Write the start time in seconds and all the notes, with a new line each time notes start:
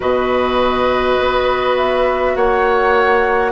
0.00 B2 F#4 B4 D#5
1.19 B3
1.76 E5
2.35 A#3 C#5 F#5